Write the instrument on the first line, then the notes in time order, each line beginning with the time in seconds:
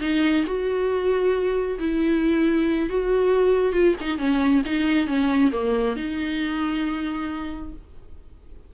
viola
0.00 D#4
0.46 F#4
1.79 E4
2.89 F#4
3.72 F4
4.00 D#4
4.18 C#4
4.65 D#4
5.07 C#4
5.52 A#3
5.96 D#4